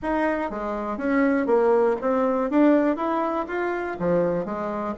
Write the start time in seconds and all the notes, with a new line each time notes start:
0.02 D#4
0.50 G#3
0.97 C#4
1.46 A#3
2.01 C4
2.50 D4
2.96 E4
3.47 F4
3.99 F3
4.45 G#3